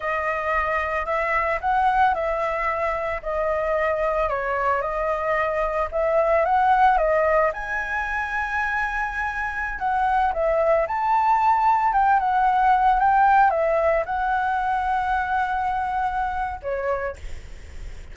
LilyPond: \new Staff \with { instrumentName = "flute" } { \time 4/4 \tempo 4 = 112 dis''2 e''4 fis''4 | e''2 dis''2 | cis''4 dis''2 e''4 | fis''4 dis''4 gis''2~ |
gis''2~ gis''16 fis''4 e''8.~ | e''16 a''2 g''8 fis''4~ fis''16~ | fis''16 g''4 e''4 fis''4.~ fis''16~ | fis''2. cis''4 | }